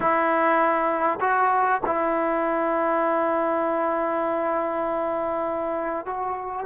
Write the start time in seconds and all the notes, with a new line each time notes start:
0.00 E4
1.20 F#4
1.86 E4
6.05 F#4